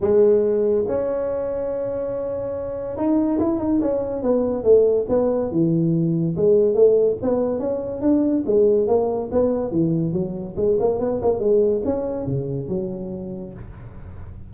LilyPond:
\new Staff \with { instrumentName = "tuba" } { \time 4/4 \tempo 4 = 142 gis2 cis'2~ | cis'2. dis'4 | e'8 dis'8 cis'4 b4 a4 | b4 e2 gis4 |
a4 b4 cis'4 d'4 | gis4 ais4 b4 e4 | fis4 gis8 ais8 b8 ais8 gis4 | cis'4 cis4 fis2 | }